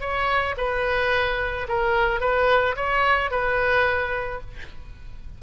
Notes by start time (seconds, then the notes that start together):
0.00 C#5
0.57 B4
1.68 A#4
2.20 B4
2.75 C#5
3.31 B4